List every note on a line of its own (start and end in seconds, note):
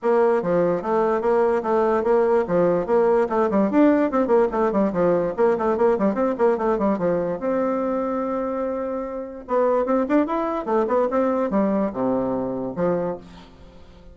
0.02 0.42 A#3
0.42 0.81 F3
0.81 1.21 A3
1.21 1.62 A#3
1.62 2.03 A3
2.03 2.45 A#3
2.47 2.86 F3
2.86 3.27 A#3
3.29 3.49 A3
3.50 3.70 G3
3.70 4.11 D4
4.11 4.27 C4
4.27 4.47 A#3
4.51 4.71 A3
4.71 4.92 G3
4.93 5.34 F3
5.36 5.57 A#3
5.58 5.77 A3
5.77 5.98 A#3
5.98 6.14 G3
6.14 6.35 C4
6.37 6.57 A#3
6.57 6.78 A3
6.78 6.98 G3
6.98 7.39 F3
7.39 9.44 C4
9.47 9.85 B3
9.85 10.06 C4
10.09 10.26 D4
10.26 10.65 E4
10.65 10.86 A3
10.87 11.08 B3
11.10 11.50 C4
11.50 11.91 G3
11.92 12.75 C3
12.76 13.17 F3